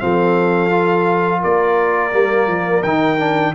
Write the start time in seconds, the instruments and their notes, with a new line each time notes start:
0.00 tuba F3, trombone C4, horn A4, trumpet F5
0.70 trombone F4
1.40 tuba A#3, horn A#4, trumpet D5
2.11 tuba G3, trombone A#3
2.47 tuba F3
2.83 tuba D#3, trombone D#4, trumpet G5
3.18 trombone D4